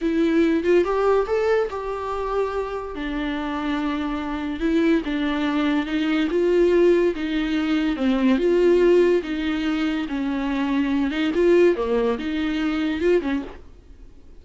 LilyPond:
\new Staff \with { instrumentName = "viola" } { \time 4/4 \tempo 4 = 143 e'4. f'8 g'4 a'4 | g'2. d'4~ | d'2. e'4 | d'2 dis'4 f'4~ |
f'4 dis'2 c'4 | f'2 dis'2 | cis'2~ cis'8 dis'8 f'4 | ais4 dis'2 f'8 cis'8 | }